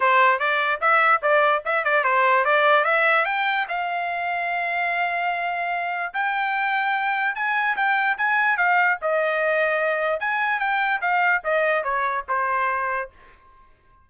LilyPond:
\new Staff \with { instrumentName = "trumpet" } { \time 4/4 \tempo 4 = 147 c''4 d''4 e''4 d''4 | e''8 d''8 c''4 d''4 e''4 | g''4 f''2.~ | f''2. g''4~ |
g''2 gis''4 g''4 | gis''4 f''4 dis''2~ | dis''4 gis''4 g''4 f''4 | dis''4 cis''4 c''2 | }